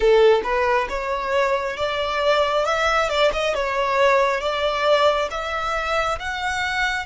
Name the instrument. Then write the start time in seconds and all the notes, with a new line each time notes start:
violin
0.00 A4
0.43 B4
0.89 C#5
1.76 D5
2.65 E5
3.09 D5
3.32 D#5
3.54 C#5
4.40 D5
5.30 E5
6.19 F#5